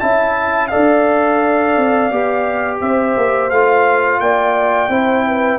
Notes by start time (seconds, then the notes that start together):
0.00 C#4 E4 E5 A5
0.68 A4 D5 F5
0.76 D4
1.77 C4
2.11 B3 G4
2.81 C4 C5 E5
3.17 A#3
3.50 A3 F4 F5
4.20 A#3 D5 G5
4.89 C4 E4 C5
5.27 B4